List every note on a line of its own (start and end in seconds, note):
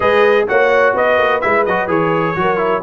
0.00 0.46 G#3
0.00 0.47 G#4
0.00 0.47 B4
0.00 0.47 D#5
0.48 0.94 A#3
0.48 1.41 F#4
0.48 0.95 C#5
0.48 0.95 F#5
0.94 1.18 B3
0.94 2.37 B4
0.94 1.41 D#5
1.18 1.41 A#3
1.41 1.66 G#3
1.41 1.65 E4
1.41 1.64 E5
1.65 1.87 F#3
1.65 1.87 F#4
1.65 1.89 D#5
1.87 2.35 E3
1.87 2.34 G#4
1.87 2.83 C#5
2.35 2.83 F#3
2.35 2.57 F#4
2.35 2.83 A#4
2.57 2.81 E4